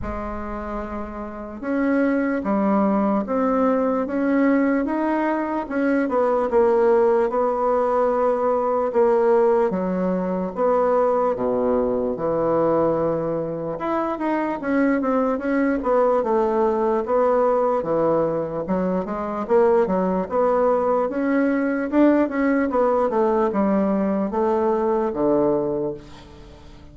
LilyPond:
\new Staff \with { instrumentName = "bassoon" } { \time 4/4 \tempo 4 = 74 gis2 cis'4 g4 | c'4 cis'4 dis'4 cis'8 b8 | ais4 b2 ais4 | fis4 b4 b,4 e4~ |
e4 e'8 dis'8 cis'8 c'8 cis'8 b8 | a4 b4 e4 fis8 gis8 | ais8 fis8 b4 cis'4 d'8 cis'8 | b8 a8 g4 a4 d4 | }